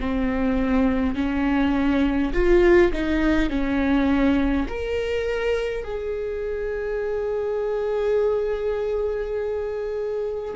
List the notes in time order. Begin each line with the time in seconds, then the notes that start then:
0.00 C4
1.15 C#4
2.33 F4
2.92 D#4
3.49 C#4
4.68 A#4
5.83 G#4